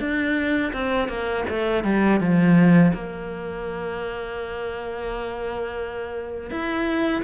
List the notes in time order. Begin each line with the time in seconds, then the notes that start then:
0.00 D4
0.73 C4
1.08 A#3
1.49 A3
1.84 G3
2.20 F3
2.94 A#3
6.51 E4